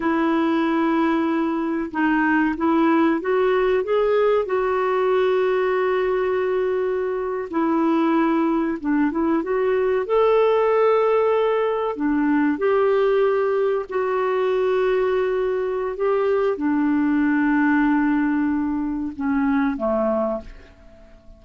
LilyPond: \new Staff \with { instrumentName = "clarinet" } { \time 4/4 \tempo 4 = 94 e'2. dis'4 | e'4 fis'4 gis'4 fis'4~ | fis'2.~ fis'8. e'16~ | e'4.~ e'16 d'8 e'8 fis'4 a'16~ |
a'2~ a'8. d'4 g'16~ | g'4.~ g'16 fis'2~ fis'16~ | fis'4 g'4 d'2~ | d'2 cis'4 a4 | }